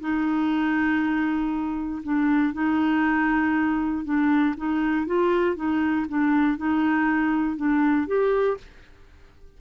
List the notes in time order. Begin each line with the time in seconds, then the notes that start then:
0.00 D#4
2.03 D4
2.53 D#4
4.04 D4
4.57 D#4
5.06 F4
5.56 D#4
6.08 D4
6.57 D#4
7.56 D4
8.07 G4